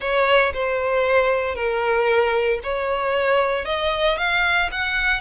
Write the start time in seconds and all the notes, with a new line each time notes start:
0.00 C#5
0.53 C5
1.55 A#4
2.63 C#5
3.65 D#5
4.17 F5
4.71 F#5